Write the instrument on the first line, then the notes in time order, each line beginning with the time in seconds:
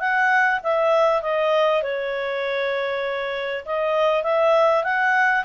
clarinet
0.00 F#5
0.64 E5
1.23 D#5
1.83 C#5
3.66 D#5
4.24 E5
4.84 F#5